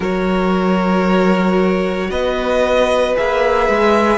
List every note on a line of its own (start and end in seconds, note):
0.00 2.09 F#3
0.00 3.15 F#4
0.00 2.07 A#4
0.00 2.11 C#5
2.10 3.16 B3
2.10 4.18 B4
2.10 3.16 D#5
3.15 3.68 A#3
3.15 4.18 G#4
3.15 4.18 E5
3.68 4.18 G#3